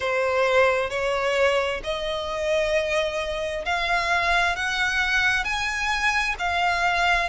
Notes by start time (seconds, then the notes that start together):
0.00 C5
0.90 C#5
1.83 D#5
3.65 F5
4.56 F#5
5.44 G#5
6.38 F5